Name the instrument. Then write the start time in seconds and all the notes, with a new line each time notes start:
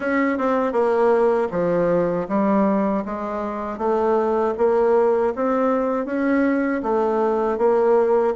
bassoon
0.00 C#4
0.38 C4
0.72 A#3
1.51 F3
2.28 G3
3.05 G#3
3.78 A3
4.57 A#3
5.35 C4
6.05 C#4
6.83 A3
7.58 A#3